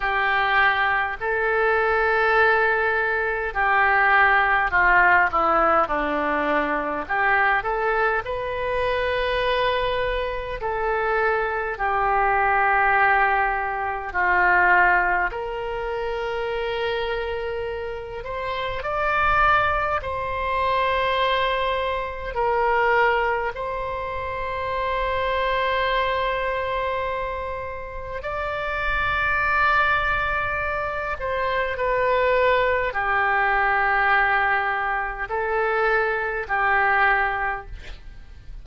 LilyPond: \new Staff \with { instrumentName = "oboe" } { \time 4/4 \tempo 4 = 51 g'4 a'2 g'4 | f'8 e'8 d'4 g'8 a'8 b'4~ | b'4 a'4 g'2 | f'4 ais'2~ ais'8 c''8 |
d''4 c''2 ais'4 | c''1 | d''2~ d''8 c''8 b'4 | g'2 a'4 g'4 | }